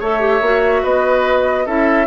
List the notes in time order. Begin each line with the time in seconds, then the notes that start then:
0.00 A3 A4 C#5 E5
0.20 G4
0.41 A#3 F#4
0.83 B3 B4 D#5
1.66 C#4 E4 A4 E5